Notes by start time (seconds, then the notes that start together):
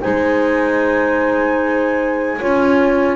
0.00 G#3 D#4 C5 G#5
2.38 C#4 F4 C#5